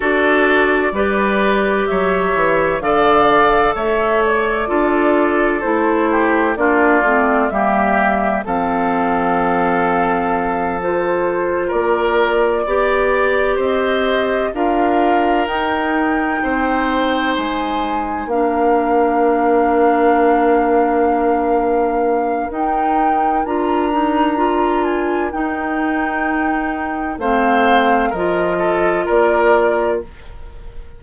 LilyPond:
<<
  \new Staff \with { instrumentName = "flute" } { \time 4/4 \tempo 4 = 64 d''2 e''4 f''4 | e''8 d''4. c''4 d''4 | e''4 f''2~ f''8 c''8~ | c''8 d''2 dis''4 f''8~ |
f''8 g''2 gis''4 f''8~ | f''1 | g''4 ais''4. gis''8 g''4~ | g''4 f''4 dis''4 d''4 | }
  \new Staff \with { instrumentName = "oboe" } { \time 4/4 a'4 b'4 cis''4 d''4 | cis''4 a'4. g'8 f'4 | g'4 a'2.~ | a'8 ais'4 d''4 c''4 ais'8~ |
ais'4. c''2 ais'8~ | ais'1~ | ais'1~ | ais'4 c''4 ais'8 a'8 ais'4 | }
  \new Staff \with { instrumentName = "clarinet" } { \time 4/4 fis'4 g'2 a'4~ | a'4 f'4 e'4 d'8 c'8 | ais4 c'2~ c'8 f'8~ | f'4. g'2 f'8~ |
f'8 dis'2. d'8~ | d'1 | dis'4 f'8 dis'8 f'4 dis'4~ | dis'4 c'4 f'2 | }
  \new Staff \with { instrumentName = "bassoon" } { \time 4/4 d'4 g4 fis8 e8 d4 | a4 d'4 a4 ais8 a8 | g4 f2.~ | f8 ais4 b4 c'4 d'8~ |
d'8 dis'4 c'4 gis4 ais8~ | ais1 | dis'4 d'2 dis'4~ | dis'4 a4 f4 ais4 | }
>>